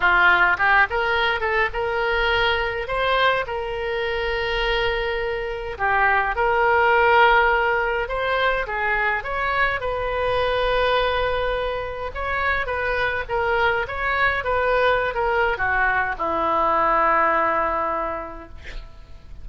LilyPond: \new Staff \with { instrumentName = "oboe" } { \time 4/4 \tempo 4 = 104 f'4 g'8 ais'4 a'8 ais'4~ | ais'4 c''4 ais'2~ | ais'2 g'4 ais'4~ | ais'2 c''4 gis'4 |
cis''4 b'2.~ | b'4 cis''4 b'4 ais'4 | cis''4 b'4~ b'16 ais'8. fis'4 | e'1 | }